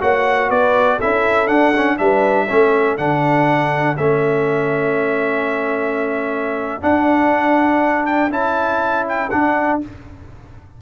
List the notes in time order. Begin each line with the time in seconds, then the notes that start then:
0.00 A#3 F#4 C#5 F#5
0.49 B3 B4 D5
0.96 C#4 E4 A4 E5
1.47 D4 F#5
1.76 C#4
1.97 G3 D4 B4 E5
2.47 A3 C#4 A4
2.97 D3 D4 F#5
3.97 A3 C#4 E5
6.81 D4 F#5
8.06 G5
8.30 C#4 E4 A5
9.08 G5
9.30 D4 F#5